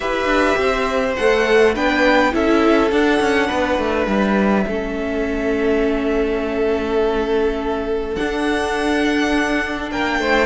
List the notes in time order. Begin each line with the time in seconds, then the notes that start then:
0.00 E4 G4 B4 E5
0.25 D4
0.57 C4 C5
1.16 A3 A4 F#5
1.74 B3 D4 B4 G5
2.31 C#4 E4 A4 E5
2.91 D4 F#5
3.20 C#4
3.47 B3 B4
3.78 A3
4.07 G3 E5
4.67 A3 C#4 A4
8.15 D4 F#5
9.91 A#3 A#4 G5
10.19 A3 C5